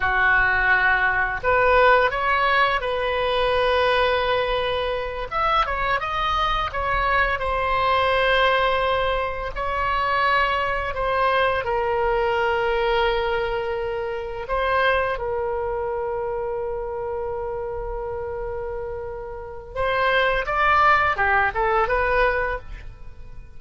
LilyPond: \new Staff \with { instrumentName = "oboe" } { \time 4/4 \tempo 4 = 85 fis'2 b'4 cis''4 | b'2.~ b'8 e''8 | cis''8 dis''4 cis''4 c''4.~ | c''4. cis''2 c''8~ |
c''8 ais'2.~ ais'8~ | ais'8 c''4 ais'2~ ais'8~ | ais'1 | c''4 d''4 g'8 a'8 b'4 | }